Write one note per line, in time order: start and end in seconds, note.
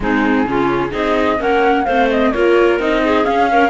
0.00 0.45 G#3
0.00 0.46 C4
0.00 0.48 D#4
0.00 0.94 G#4
0.46 0.93 C#3
0.46 0.91 C#4
0.46 0.91 F4
0.91 1.39 C4
0.91 1.38 D#4
0.91 1.37 G#4
0.91 1.41 D#5
1.38 1.86 A#3
1.38 1.85 C#4
1.38 1.85 A#4
1.38 1.85 F#5
1.85 2.33 A3
1.85 2.34 C4
1.85 2.31 C5
1.85 2.08 F5
2.10 2.32 D#5
2.32 2.79 A#3
2.32 2.79 F4
2.32 3.03 A#4
2.32 2.78 C#5
2.79 3.25 C4
2.79 3.24 D#4
2.79 3.25 D#5
3.03 3.50 G#4
3.24 3.69 C#4
3.24 3.69 F5
3.51 3.69 A#4